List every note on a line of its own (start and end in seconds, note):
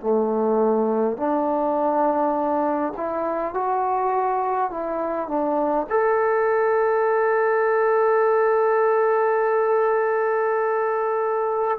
0.00 1.17 A3
1.17 2.93 D4
2.96 3.53 E4
3.53 4.71 F#4
4.71 5.28 E4
5.28 5.87 D4
5.89 11.78 A4